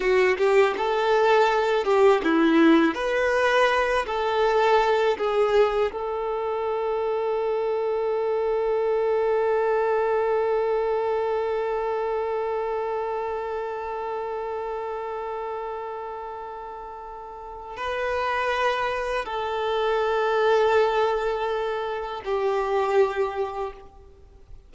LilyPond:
\new Staff \with { instrumentName = "violin" } { \time 4/4 \tempo 4 = 81 fis'8 g'8 a'4. g'8 e'4 | b'4. a'4. gis'4 | a'1~ | a'1~ |
a'1~ | a'1 | b'2 a'2~ | a'2 g'2 | }